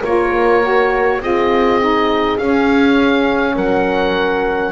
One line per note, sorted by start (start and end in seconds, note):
0.00 1.21 A#3
0.00 0.62 F4
0.00 1.18 A#4
0.00 1.23 C#5
0.62 1.21 F#4
1.21 2.38 C4
1.21 1.80 F4
1.21 3.55 G#4
1.21 2.38 D#5
1.80 2.39 D#4
2.38 3.56 C#4
2.38 4.73 C#4
2.38 3.56 F5
3.55 4.73 F#3
3.55 4.73 A#4
3.55 4.73 F#5